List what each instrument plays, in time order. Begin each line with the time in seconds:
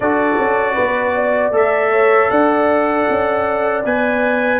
0.00 tuba D4, trombone F#4, horn A4, trumpet D5
0.38 tuba C#4
0.74 tuba B3, horn B4
1.14 horn D5
1.50 tuba A3, trombone A4, trumpet E5
1.91 horn C#5
2.30 tuba D4, horn D5, trumpet F#5
3.09 tuba C#4
3.84 tuba B3, trombone B4, trumpet G#5